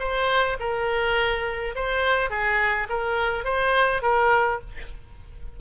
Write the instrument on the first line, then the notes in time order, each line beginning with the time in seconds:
oboe
0.00 C5
0.60 A#4
1.75 C5
2.30 G#4
2.90 A#4
3.45 C5
4.03 A#4